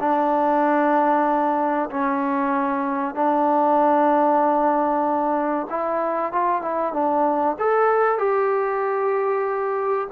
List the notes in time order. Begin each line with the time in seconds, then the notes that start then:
0.00 D4
1.90 C#4
3.15 D4
5.70 E4
6.32 F4
6.61 E4
6.93 D4
7.59 A4
8.18 G4